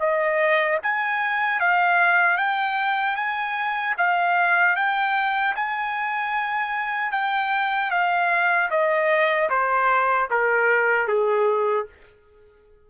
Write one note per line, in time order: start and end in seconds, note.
0.00 0.79 D#5
0.83 1.60 G#5
1.60 2.38 F5
2.38 3.16 G5
3.16 3.95 G#5
3.98 4.77 F5
4.77 5.56 G5
5.56 7.12 G#5
7.12 7.91 G5
7.91 8.70 F5
8.71 9.50 D#5
9.50 10.29 C5
10.31 11.08 A#4
11.08 11.87 G#4